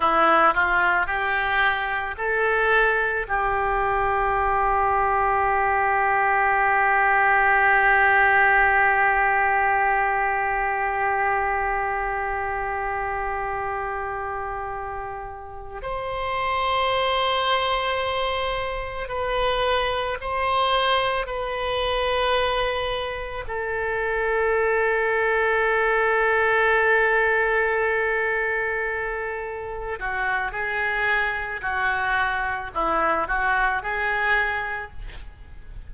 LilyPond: \new Staff \with { instrumentName = "oboe" } { \time 4/4 \tempo 4 = 55 e'8 f'8 g'4 a'4 g'4~ | g'1~ | g'1~ | g'2~ g'8 c''4.~ |
c''4. b'4 c''4 b'8~ | b'4. a'2~ a'8~ | a'2.~ a'8 fis'8 | gis'4 fis'4 e'8 fis'8 gis'4 | }